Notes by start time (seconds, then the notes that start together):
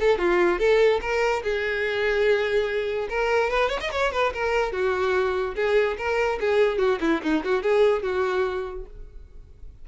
0.00 A4
0.18 F4
0.59 A4
1.01 A#4
1.43 G#4
3.09 A#4
3.50 B4
3.69 C#5
3.81 D#5
3.92 C#5
4.12 B4
4.34 A#4
4.72 F#4
5.56 G#4
5.98 A#4
6.40 G#4
6.78 F#4
7.01 E4
7.23 D#4
7.44 F#4
7.63 G#4
8.03 F#4